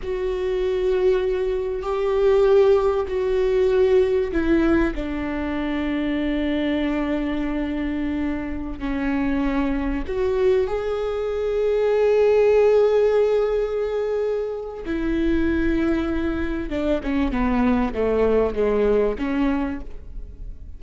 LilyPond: \new Staff \with { instrumentName = "viola" } { \time 4/4 \tempo 4 = 97 fis'2. g'4~ | g'4 fis'2 e'4 | d'1~ | d'2~ d'16 cis'4.~ cis'16~ |
cis'16 fis'4 gis'2~ gis'8.~ | gis'1 | e'2. d'8 cis'8 | b4 a4 gis4 cis'4 | }